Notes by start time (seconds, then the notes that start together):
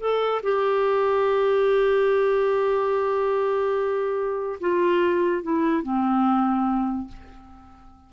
0.00 A4
0.43 G4
4.61 F4
5.43 E4
5.83 C4